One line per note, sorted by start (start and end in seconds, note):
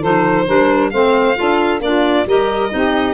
0.00 0.47 F3
0.00 0.47 D#4
0.00 0.45 A4
0.00 0.90 C5
0.47 0.92 G3
0.47 0.91 D4
0.47 0.91 A#4
0.90 1.37 A3
0.90 1.35 C4
0.90 1.37 C5
0.90 1.79 F5
1.35 1.80 D4
1.35 1.80 F4
1.35 1.82 A4
1.80 2.25 A#3
1.80 2.26 D4
1.80 2.27 F4
1.80 2.26 D5
2.26 2.71 G3
2.26 2.69 G4
2.26 2.71 A#4
2.26 3.14 D#5
2.69 3.14 C4
2.69 3.14 D#4
2.69 3.14 G4